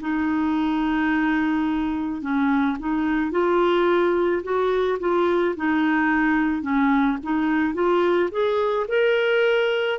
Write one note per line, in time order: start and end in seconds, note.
0.00 2.21 D#4
2.21 2.77 C#4
2.79 3.31 D#4
3.31 4.42 F4
4.43 4.98 F#4
4.99 5.55 F4
5.56 6.62 D#4
6.62 7.17 C#4
7.23 7.74 D#4
7.74 8.29 F4
8.31 8.86 G#4
8.88 9.99 A#4